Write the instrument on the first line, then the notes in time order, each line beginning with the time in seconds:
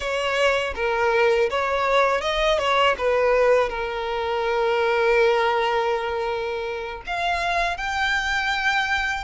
violin
0.00 C#5
0.75 A#4
1.50 C#5
2.21 D#5
2.58 C#5
2.98 B4
3.69 A#4
7.06 F5
7.77 G5